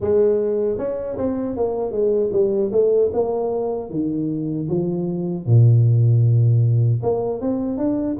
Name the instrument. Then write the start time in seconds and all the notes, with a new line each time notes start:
tuba
0.00 G#3
0.78 C#4
1.17 C4
1.56 A#3
1.91 G#3
2.32 G3
2.72 A3
3.13 A#3
3.90 D#3
4.69 F3
5.45 A#2
7.02 A#3
7.40 C4
7.77 D4